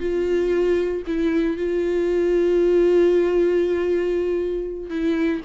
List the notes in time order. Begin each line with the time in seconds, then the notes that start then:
0.00 F4
1.07 E4
1.57 F4
4.90 E4